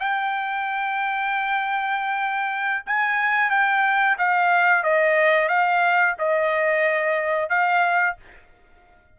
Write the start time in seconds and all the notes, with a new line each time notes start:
0.00 G5
2.86 G#5
3.50 G5
4.18 F5
4.83 D#5
5.48 F5
6.18 D#5
7.49 F5